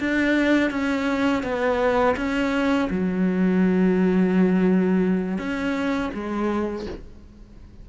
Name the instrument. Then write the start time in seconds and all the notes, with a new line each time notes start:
cello
0.00 D4
0.71 C#4
1.43 B3
2.17 C#4
2.90 F#3
5.38 C#4
6.14 G#3